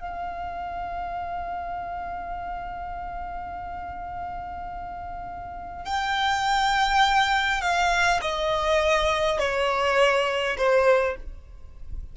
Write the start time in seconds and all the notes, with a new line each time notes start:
0.00 F5
5.86 G5
7.61 F5
8.22 D#5
9.39 C#5
10.57 C5